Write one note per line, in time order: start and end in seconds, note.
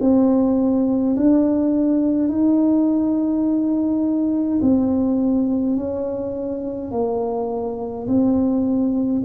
0.00 1.15 C4
1.16 2.29 D4
2.29 4.59 D#4
4.62 5.76 C4
5.76 6.91 C#4
6.91 8.06 A#3
8.07 9.22 C4